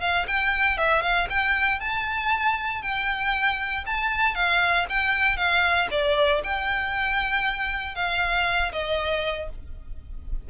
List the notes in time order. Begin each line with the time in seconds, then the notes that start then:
0.00 F5
0.27 G5
0.77 E5
1.02 F5
1.29 G5
1.80 A5
2.82 G5
3.86 A5
4.35 F5
4.89 G5
5.36 F5
5.90 D5
6.43 G5
7.95 F5
8.72 D#5